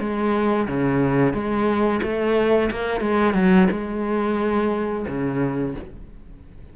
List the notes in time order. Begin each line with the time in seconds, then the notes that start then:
0.00 G#3
0.68 C#3
1.34 G#3
2.03 A3
2.72 A#3
3.01 G#3
3.34 F#3
3.71 G#3
5.08 C#3